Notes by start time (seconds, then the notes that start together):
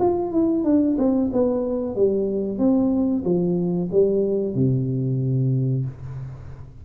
0.00 F4
0.32 E4
0.64 D4
0.98 C4
1.33 B3
1.96 G3
2.59 C4
3.25 F3
3.92 G3
4.55 C3